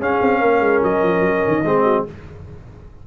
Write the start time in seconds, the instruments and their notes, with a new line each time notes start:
0.00 tuba C#4, trombone C#4, horn G#4, trumpet F5
0.22 tuba C4
0.40 tuba A#3, horn A#4
0.60 tuba G#3
0.83 tuba F#3, trumpet D#5
1.03 tuba F3
1.21 tuba F#3
1.48 tuba D#3
1.64 tuba G#3, trombone C4, horn G#4
1.84 horn F#4